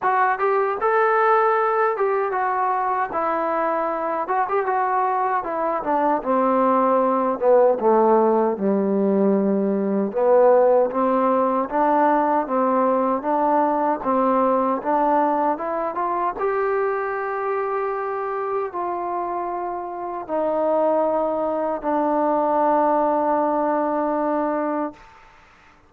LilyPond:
\new Staff \with { instrumentName = "trombone" } { \time 4/4 \tempo 4 = 77 fis'8 g'8 a'4. g'8 fis'4 | e'4. fis'16 g'16 fis'4 e'8 d'8 | c'4. b8 a4 g4~ | g4 b4 c'4 d'4 |
c'4 d'4 c'4 d'4 | e'8 f'8 g'2. | f'2 dis'2 | d'1 | }